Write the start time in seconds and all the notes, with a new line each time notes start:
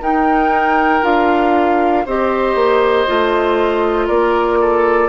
0.00 D#4 A#4 G5
1.02 D4 F4 F5
2.06 C4 G4 C5 D#5
2.55 A#3
3.07 A3 F4
4.07 A#3 A#4 D5
4.60 A4